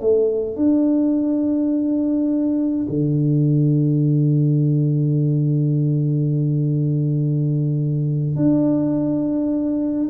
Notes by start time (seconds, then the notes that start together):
0.00 A3
0.56 D4
2.88 D3
8.36 D4